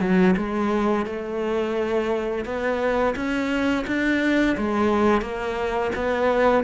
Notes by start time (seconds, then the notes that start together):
0.00 F#3
0.36 G#3
1.06 A3
2.45 B3
3.16 C#4
3.87 D4
4.57 G#3
5.21 A#3
5.95 B3